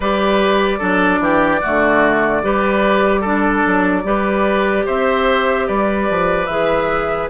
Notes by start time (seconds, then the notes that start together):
0.00 G3 G4 B4 D5
0.78 F#3 D4 A4
1.19 E3 G4
1.60 A3 F#4
1.67 D3
2.42 G3 G4 B4
3.20 D4 A4
3.66 F#3
4.03 G3 G4 B4
4.85 C4 C5 E5
5.67 G3 B4 D5
6.09 F3
6.46 E3 G#4 E5